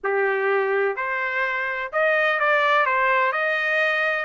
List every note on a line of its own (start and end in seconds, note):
0.03 0.96 G4
0.96 1.91 C5
1.92 2.39 D#5
2.39 2.86 D5
2.86 3.32 C5
3.32 4.25 D#5